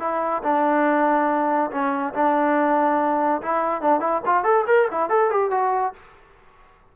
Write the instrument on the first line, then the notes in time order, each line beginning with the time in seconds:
trombone
0.00 E4
0.44 D4
1.71 C#4
2.14 D4
3.42 E4
3.82 D4
4.01 E4
4.26 F4
4.44 A4
4.67 A#4
4.91 E4
5.10 A4
5.31 G4
5.51 F#4